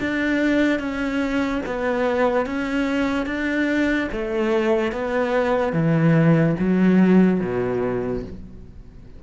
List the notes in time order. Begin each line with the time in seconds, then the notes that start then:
0.00 D4
0.79 C#4
1.66 B3
2.46 C#4
3.26 D4
4.12 A3
4.92 B3
5.73 E3
6.59 F#3
7.40 B2